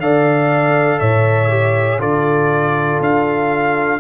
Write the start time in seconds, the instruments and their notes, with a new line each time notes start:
0.00 tuba D3, trombone A4, horn D5, trumpet F5
1.00 tuba A2, horn C#5, trumpet E5
1.50 trombone G4
1.99 tuba D3, trombone F4, horn A4, trumpet D5
3.01 tuba D4, trumpet F5